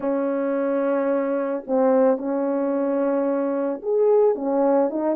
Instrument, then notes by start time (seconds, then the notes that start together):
horn
0.00 C#4
1.67 C4
2.17 C#4
3.82 G#4
4.35 C#4
4.90 D#4